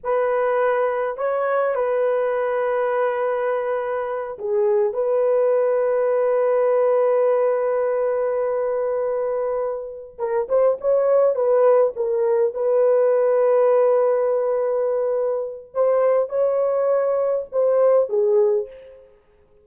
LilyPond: \new Staff \with { instrumentName = "horn" } { \time 4/4 \tempo 4 = 103 b'2 cis''4 b'4~ | b'2.~ b'8 gis'8~ | gis'8 b'2.~ b'8~ | b'1~ |
b'4. ais'8 c''8 cis''4 b'8~ | b'8 ais'4 b'2~ b'8~ | b'2. c''4 | cis''2 c''4 gis'4 | }